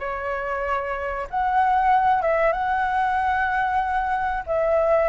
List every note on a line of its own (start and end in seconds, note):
0.00 1.28 C#5
1.31 2.23 F#5
2.23 2.53 E5
2.53 4.44 F#5
4.47 5.09 E5